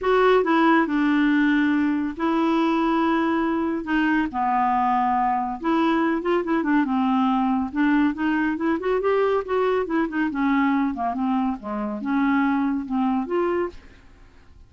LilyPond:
\new Staff \with { instrumentName = "clarinet" } { \time 4/4 \tempo 4 = 140 fis'4 e'4 d'2~ | d'4 e'2.~ | e'4 dis'4 b2~ | b4 e'4. f'8 e'8 d'8 |
c'2 d'4 dis'4 | e'8 fis'8 g'4 fis'4 e'8 dis'8 | cis'4. ais8 c'4 gis4 | cis'2 c'4 f'4 | }